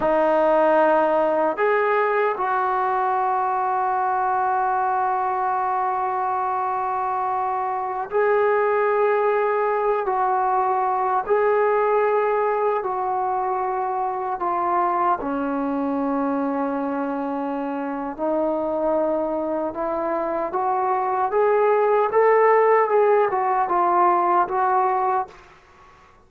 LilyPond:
\new Staff \with { instrumentName = "trombone" } { \time 4/4 \tempo 4 = 76 dis'2 gis'4 fis'4~ | fis'1~ | fis'2~ fis'16 gis'4.~ gis'16~ | gis'8. fis'4. gis'4.~ gis'16~ |
gis'16 fis'2 f'4 cis'8.~ | cis'2. dis'4~ | dis'4 e'4 fis'4 gis'4 | a'4 gis'8 fis'8 f'4 fis'4 | }